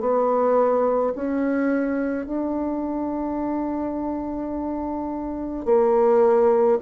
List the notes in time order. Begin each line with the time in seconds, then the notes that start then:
0.00 B3
1.15 C#4
2.26 D4
5.66 A#3